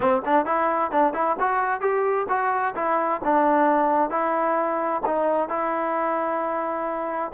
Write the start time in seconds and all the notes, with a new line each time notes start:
0.00 C4
0.25 D4
0.45 E4
0.91 D4
1.13 E4
1.39 F#4
1.80 G4
2.28 F#4
2.75 E4
3.24 D4
4.10 E4
5.05 D#4
5.48 E4